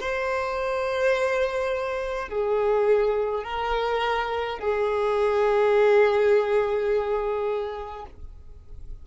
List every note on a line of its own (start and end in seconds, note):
0.00 2.29 C5
2.29 3.44 G#4
3.44 4.59 A#4
4.59 8.05 G#4